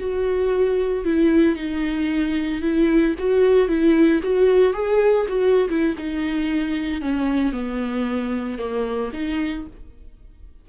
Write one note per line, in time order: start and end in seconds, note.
0.00 1.05 F#4
1.05 1.56 E4
1.56 2.62 D#4
2.62 3.15 E4
3.19 3.68 F#4
3.68 4.21 E4
4.23 4.74 F#4
4.74 5.27 G#4
5.29 5.69 F#4
5.69 5.96 E4
5.98 7.02 D#4
7.02 7.53 C#4
7.53 8.58 B3
8.58 9.12 A#3
9.14 9.67 D#4